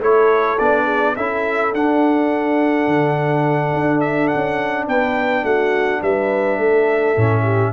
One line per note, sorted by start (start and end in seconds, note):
0.00 0.59 A3
0.00 0.58 E4
0.00 0.85 A4
0.00 0.59 C#5
0.59 1.17 B3
0.59 1.17 D4
0.59 1.16 D5
0.85 1.13 G#4
1.16 1.74 C#4
1.16 1.74 E4
1.16 4.88 A4
1.16 1.74 E5
1.74 2.87 D4
1.74 7.17 D4
1.74 4.01 F#5
2.87 3.73 D3
3.74 4.31 D4
4.01 4.28 E5
4.28 4.85 F#5
4.35 4.87 C#4
4.87 5.43 B3
4.87 5.44 B4
4.87 5.45 G5
5.43 6.01 A3
5.43 6.01 F#4
5.43 6.02 F#5
6.02 6.58 G3
6.02 6.60 B4
6.02 7.73 E5
6.58 7.16 A3
6.58 7.43 A4
7.17 7.73 A2
7.17 7.73 C#4
7.43 7.72 G4